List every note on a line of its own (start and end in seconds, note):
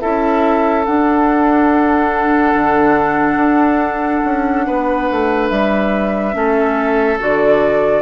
0.00 0.87 C#4
0.00 0.85 E4
0.00 4.65 A4
0.00 0.85 E5
0.85 6.32 D4
0.85 2.54 D4
0.85 5.48 F#5
2.54 3.36 D3
3.36 4.20 D4
4.24 4.66 C#4
4.66 5.09 B3
4.66 6.35 B4
5.10 5.50 A3
5.48 6.34 G3
5.48 7.17 E5
6.32 7.18 A3
6.32 7.17 C#4
6.32 8.01 A4
7.19 8.01 D3
7.19 8.01 F#4
7.19 8.01 D5